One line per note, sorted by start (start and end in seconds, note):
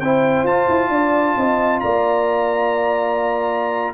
0.00 0.44 C4
0.00 0.48 E4
0.00 0.90 C5
0.00 0.46 G5
0.44 0.66 F4
0.44 3.94 F4
0.44 1.80 A5
0.69 0.90 E4
0.90 1.35 D4
0.90 1.37 D5
1.37 1.82 C4
1.37 1.83 D#5
1.80 3.94 A#3
1.80 3.94 D5
1.80 3.94 A#5